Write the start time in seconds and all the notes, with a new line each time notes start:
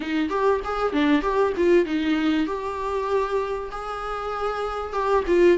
0.00 D#4
0.29 G4
0.64 G#4
0.93 D4
1.21 G4
1.56 F4
1.85 D#4
2.46 G4
3.71 G#4
4.92 G4
5.27 F4